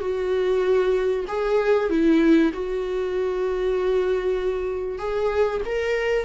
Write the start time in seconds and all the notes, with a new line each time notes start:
0.00 F#4
1.28 G#4
1.89 E4
2.53 F#4
4.98 G#4
5.65 A#4